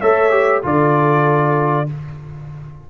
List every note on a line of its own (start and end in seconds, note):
0.00 0.63 A3
0.00 0.30 A4
0.00 0.62 C#5
0.00 0.62 E5
0.30 0.61 G4
0.62 1.88 D3
0.62 1.86 F4
0.62 1.86 A4
0.62 1.90 D5